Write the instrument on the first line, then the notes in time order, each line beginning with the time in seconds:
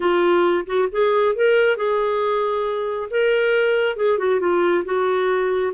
clarinet
0.00 F4
0.66 F#4
0.91 G#4
1.35 A#4
1.76 G#4
3.10 A#4
3.96 G#4
4.18 F#4
4.40 F4
4.84 F#4